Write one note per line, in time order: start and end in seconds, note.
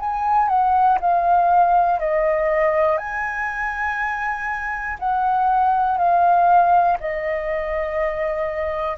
0.00 0.49 G#5
0.49 0.99 F#5
1.00 2.00 F5
2.00 2.98 D#5
2.98 4.98 G#5
4.99 5.98 F#5
5.98 6.98 F5
7.00 8.98 D#5